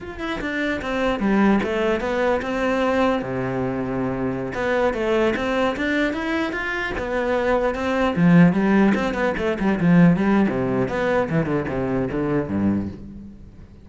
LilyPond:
\new Staff \with { instrumentName = "cello" } { \time 4/4 \tempo 4 = 149 f'8 e'8 d'4 c'4 g4 | a4 b4 c'2 | c2.~ c16 b8.~ | b16 a4 c'4 d'4 e'8.~ |
e'16 f'4 b2 c'8.~ | c'16 f4 g4 c'8 b8 a8 g16~ | g16 f4 g8. c4 b4 | e8 d8 c4 d4 g,4 | }